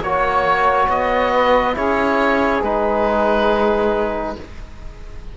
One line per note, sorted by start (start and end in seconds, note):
0.00 0.87 A#3
0.00 1.73 F#4
0.00 0.89 C#5
0.00 1.32 C#5
0.89 1.76 B3
0.89 1.76 D#5
1.32 1.75 B4
1.73 2.62 C#4
1.73 2.60 E4
1.73 4.36 G#4
1.73 2.63 C#5
2.62 4.36 G#3
2.62 4.37 D#4
2.62 4.37 B4